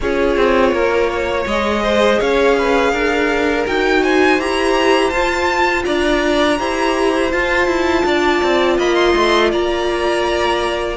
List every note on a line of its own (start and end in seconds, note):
0.00 0.36 C#4
0.00 1.48 F4
0.00 0.73 G#4
0.00 1.47 C#5
0.36 0.72 C4
0.72 1.45 A#3
0.72 1.10 A#4
1.10 1.82 C#5
1.46 2.19 G#3
1.46 3.66 G#4
1.46 2.20 D#5
1.82 2.19 C5
2.19 2.92 C#4
2.19 2.55 C#5
2.19 3.66 F5
2.58 2.91 B4
2.91 3.65 D4
2.91 4.01 A#4
3.66 4.38 D#4
3.66 4.39 F#4
3.66 4.03 G5
4.02 5.85 C5
4.02 4.40 G#5
4.38 5.11 E4
4.38 5.12 G4
4.38 5.10 A#5
5.10 5.84 F4
5.10 6.58 F4
5.10 5.83 A5
5.84 6.59 D4
5.84 6.58 D5
5.84 7.31 A#5
6.58 7.32 E4
6.58 7.30 G4
6.58 8.05 C5
7.30 10.96 F4
7.30 7.67 F4
7.30 8.78 A5
7.67 8.03 E4
8.05 8.42 D4
8.05 8.77 D5
8.43 8.77 C4
8.77 9.14 A#3
8.77 9.50 D#5
8.77 8.94 B5
8.94 9.49 C6
9.15 9.52 A3
9.50 10.96 A#3
9.50 10.96 D5
9.50 10.96 A#5